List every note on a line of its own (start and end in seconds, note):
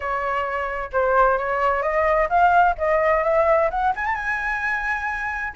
0.00 0.90 C#5
0.92 1.38 C5
1.38 1.82 C#5
1.82 2.28 D#5
2.29 2.75 F5
2.78 3.23 D#5
3.23 3.69 E5
3.70 3.93 F#5
3.95 4.05 G#5
4.05 4.15 A5
4.15 5.53 G#5